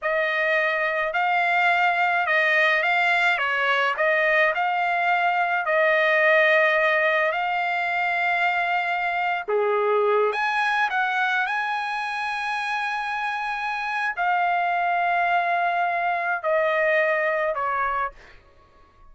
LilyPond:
\new Staff \with { instrumentName = "trumpet" } { \time 4/4 \tempo 4 = 106 dis''2 f''2 | dis''4 f''4 cis''4 dis''4 | f''2 dis''2~ | dis''4 f''2.~ |
f''8. gis'4. gis''4 fis''8.~ | fis''16 gis''2.~ gis''8.~ | gis''4 f''2.~ | f''4 dis''2 cis''4 | }